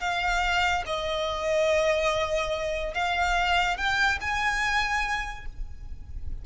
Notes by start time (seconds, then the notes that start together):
0.00 F5
0.86 D#5
2.94 F5
3.77 G5
4.20 G#5